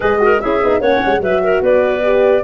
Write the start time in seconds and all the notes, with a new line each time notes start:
0.00 G#3 G#4 B4 D#5
0.19 F#4 A#4
0.40 C#4 E4 G#4 E5
0.63 B3 D#4
0.80 A#3 C#4 C#5 F#5
1.05 G#3
1.19 F#3 F#4 B4 E5
1.43 A#4
1.61 B3 B4 D5
2.03 G4